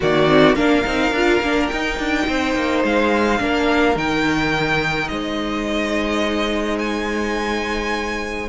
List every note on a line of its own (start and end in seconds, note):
0.00 0.55 D#3
0.00 0.27 A#3
0.00 0.56 F#4
0.00 0.55 D5
0.27 0.55 C4
0.55 0.83 A#3
0.55 0.83 D4
0.55 2.26 A#4
0.55 1.67 F5
0.85 1.11 C4
0.85 1.14 D#4
1.11 1.40 D4
1.11 1.43 F4
1.41 1.69 A#3
1.41 1.71 D4
1.67 1.98 D#4
1.67 2.80 G5
1.73 3.38 D#4
1.98 2.27 D4
2.27 2.55 C4
2.27 3.40 C5
2.55 2.83 A#3
2.83 3.40 G#3
2.83 3.97 F5
3.38 3.95 A#3
3.38 3.95 D4
3.38 5.11 A#4
3.95 5.08 D#3
3.95 8.48 D#4
3.95 5.08 G5
5.08 8.49 G#3
5.08 8.49 C5
5.08 6.77 D#5
6.79 8.48 G#5